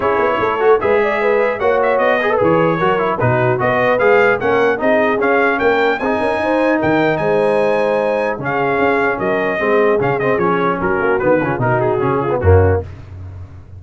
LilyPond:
<<
  \new Staff \with { instrumentName = "trumpet" } { \time 4/4 \tempo 4 = 150 cis''2 e''2 | fis''8 e''8 dis''4 cis''2 | b'4 dis''4 f''4 fis''4 | dis''4 f''4 g''4 gis''4~ |
gis''4 g''4 gis''2~ | gis''4 f''2 dis''4~ | dis''4 f''8 dis''8 cis''4 ais'4 | b'4 ais'8 gis'4. fis'4 | }
  \new Staff \with { instrumentName = "horn" } { \time 4/4 gis'4 a'4 b'8 d''8 b'4 | cis''4. b'4. ais'4 | fis'4 b'2 ais'4 | gis'2 ais'4 gis'8 ais'8 |
c''4 ais'4 c''2~ | c''4 gis'2 ais'4 | gis'2. fis'4~ | fis'8 f'8 fis'4. f'8 cis'4 | }
  \new Staff \with { instrumentName = "trombone" } { \time 4/4 e'4. fis'8 gis'2 | fis'4. gis'16 a'16 gis'4 fis'8 e'8 | dis'4 fis'4 gis'4 cis'4 | dis'4 cis'2 dis'4~ |
dis'1~ | dis'4 cis'2. | c'4 cis'8 c'8 cis'2 | b8 cis'8 dis'4 cis'8. b16 ais4 | }
  \new Staff \with { instrumentName = "tuba" } { \time 4/4 cis'8 b8 a4 gis2 | ais4 b4 e4 fis4 | b,4 b4 gis4 ais4 | c'4 cis'4 ais4 c'8 cis'8 |
dis'4 dis4 gis2~ | gis4 cis4 cis'4 fis4 | gis4 cis4 f4 fis8 ais8 | dis8 cis8 b,4 cis4 fis,4 | }
>>